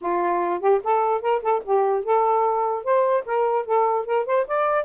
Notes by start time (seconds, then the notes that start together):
0.01 F4
0.60 G4
0.83 A4
1.21 A#4
1.42 A4
1.64 G4
2.04 A4
2.84 C5
3.25 A#4
3.65 A4
4.05 A#4
4.26 C5
4.47 D5